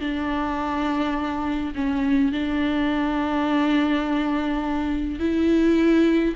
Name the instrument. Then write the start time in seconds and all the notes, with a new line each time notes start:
viola
0.00 D4
1.75 C#4
2.32 D4
5.19 E4